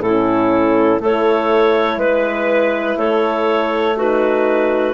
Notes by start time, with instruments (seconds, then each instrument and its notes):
0.00 bassoon A2, horn C#4, clarinet E4 A4
1.01 bassoon A3, horn E4, clarinet A4 C#5
1.98 bassoon G#3, clarinet B4
2.97 bassoon A3, clarinet A4 C#5
3.97 horn D#4, clarinet F#4 B4